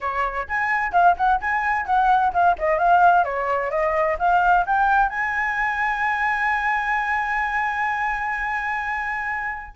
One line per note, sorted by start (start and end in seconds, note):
0.01 0.47 C#5
0.48 0.92 G#5
0.92 1.15 F5
1.17 1.40 F#5
1.40 1.85 G#5
1.85 2.32 F#5
2.33 2.56 F5
2.58 2.78 D#5
2.78 3.24 F5
3.24 3.70 C#5
3.70 4.17 D#5
4.18 4.65 F5
4.66 5.09 G5
5.09 9.74 G#5